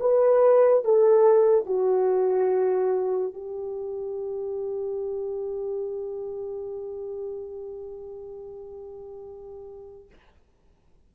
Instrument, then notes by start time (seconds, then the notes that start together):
horn
0.00 B4
0.84 A4
1.66 F#4
3.33 G4